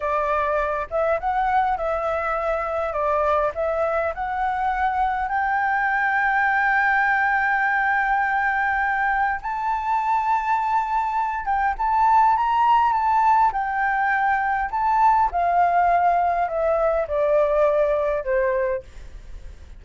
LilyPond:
\new Staff \with { instrumentName = "flute" } { \time 4/4 \tempo 4 = 102 d''4. e''8 fis''4 e''4~ | e''4 d''4 e''4 fis''4~ | fis''4 g''2.~ | g''1 |
a''2.~ a''8 g''8 | a''4 ais''4 a''4 g''4~ | g''4 a''4 f''2 | e''4 d''2 c''4 | }